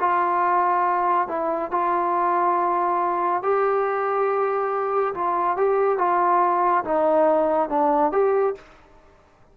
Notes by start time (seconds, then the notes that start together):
0.00 F4
1.28 E4
1.71 F4
3.43 G4
5.14 F4
5.57 G4
5.98 F4
6.85 D#4
7.69 D4
8.12 G4